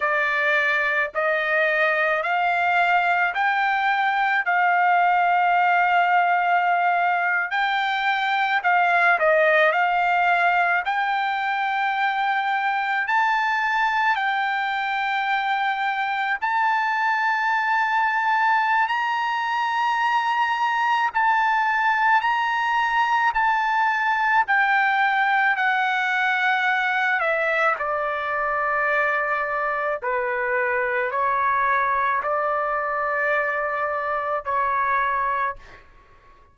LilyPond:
\new Staff \with { instrumentName = "trumpet" } { \time 4/4 \tempo 4 = 54 d''4 dis''4 f''4 g''4 | f''2~ f''8. g''4 f''16~ | f''16 dis''8 f''4 g''2 a''16~ | a''8. g''2 a''4~ a''16~ |
a''4 ais''2 a''4 | ais''4 a''4 g''4 fis''4~ | fis''8 e''8 d''2 b'4 | cis''4 d''2 cis''4 | }